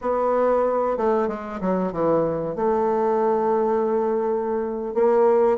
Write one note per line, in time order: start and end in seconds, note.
0.01 0.97 B3
0.97 1.28 A3
1.28 1.60 G#3
1.60 1.92 F#3
1.92 2.55 E3
2.55 4.94 A3
4.94 5.58 A#3